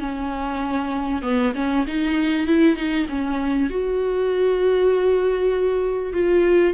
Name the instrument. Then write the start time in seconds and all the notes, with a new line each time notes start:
viola
0.00 C#4
1.22 B3
1.55 C#4
1.87 D#4
2.47 E4
2.76 D#4
3.09 C#4
3.70 F#4
6.13 F4